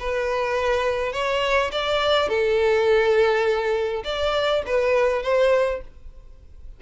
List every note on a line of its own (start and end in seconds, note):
0.00 1.13 B4
1.13 1.71 C#5
1.72 2.29 D5
2.29 4.04 A4
4.04 4.63 D5
4.66 5.23 B4
5.23 5.81 C5